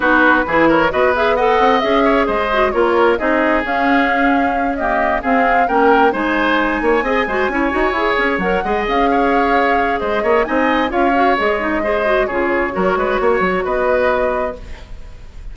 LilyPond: <<
  \new Staff \with { instrumentName = "flute" } { \time 4/4 \tempo 4 = 132 b'4. cis''8 dis''8 e''8 fis''4 | e''4 dis''4 cis''4 dis''4 | f''2~ f''8 dis''4 f''8~ | f''8 g''4 gis''2~ gis''8~ |
gis''2~ gis''8 fis''4 f''8~ | f''2 dis''4 gis''4 | f''4 dis''2 cis''4~ | cis''2 dis''2 | }
  \new Staff \with { instrumentName = "oboe" } { \time 4/4 fis'4 gis'8 ais'8 b'4 dis''4~ | dis''8 cis''8 c''4 ais'4 gis'4~ | gis'2~ gis'8 g'4 gis'8~ | gis'8 ais'4 c''4. cis''8 dis''8 |
c''8 cis''2~ cis''8 dis''4 | cis''2 c''8 cis''8 dis''4 | cis''2 c''4 gis'4 | ais'8 b'8 cis''4 b'2 | }
  \new Staff \with { instrumentName = "clarinet" } { \time 4/4 dis'4 e'4 fis'8 gis'8 a'4 | gis'4. fis'8 f'4 dis'4 | cis'2~ cis'8 ais4 c'8~ | c'8 cis'4 dis'2 gis'8 |
fis'8 e'8 fis'8 gis'4 ais'8 gis'4~ | gis'2. dis'4 | f'8 fis'8 gis'8 dis'8 gis'8 fis'8 f'4 | fis'1 | }
  \new Staff \with { instrumentName = "bassoon" } { \time 4/4 b4 e4 b4. c'8 | cis'4 gis4 ais4 c'4 | cis'2.~ cis'8 c'8~ | c'8 ais4 gis4. ais8 c'8 |
gis8 cis'8 dis'8 e'8 cis'8 fis8 gis8 cis'8~ | cis'2 gis8 ais8 c'4 | cis'4 gis2 cis4 | fis8 gis8 ais8 fis8 b2 | }
>>